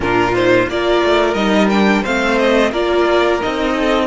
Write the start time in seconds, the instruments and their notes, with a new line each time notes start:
0.00 cello A#2, viola D4, violin F4 A#4
0.34 viola D#4, violin C5
0.68 cello A#3, viola F4, violin A#4 D5
1.03 cello A3
1.34 cello G3, viola D#4, violin D#5
1.69 viola D4, violin G5
2.02 cello A3, viola C4, violin C5 F5
2.38 violin D#5
2.72 cello A#3, viola F4, violin A#4 D5
3.40 cello C4, viola D#4, violin D#5
3.73 violin A4